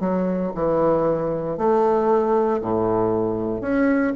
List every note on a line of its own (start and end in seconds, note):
0.00 0.52 F#3
0.55 1.58 E3
1.58 2.61 A3
2.61 3.62 A2
3.62 4.13 C#4